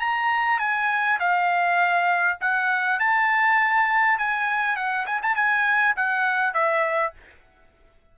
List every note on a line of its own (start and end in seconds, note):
0.00 0.59 A#5
0.59 1.19 G#5
1.20 2.38 F5
2.41 3.00 F#5
3.00 4.19 A5
4.19 4.77 G#5
4.77 5.06 F#5
5.07 5.21 G#5
5.23 5.36 A5
5.36 5.95 G#5
5.96 6.54 F#5
6.54 7.13 E5